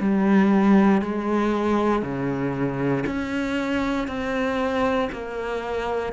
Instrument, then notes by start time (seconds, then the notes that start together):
cello
0.00 G3
1.02 G#3
2.02 C#3
3.06 C#4
4.07 C4
5.12 A#3